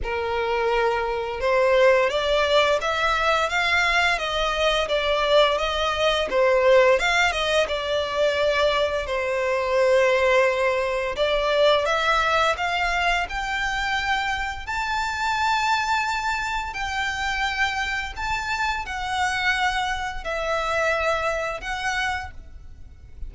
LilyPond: \new Staff \with { instrumentName = "violin" } { \time 4/4 \tempo 4 = 86 ais'2 c''4 d''4 | e''4 f''4 dis''4 d''4 | dis''4 c''4 f''8 dis''8 d''4~ | d''4 c''2. |
d''4 e''4 f''4 g''4~ | g''4 a''2. | g''2 a''4 fis''4~ | fis''4 e''2 fis''4 | }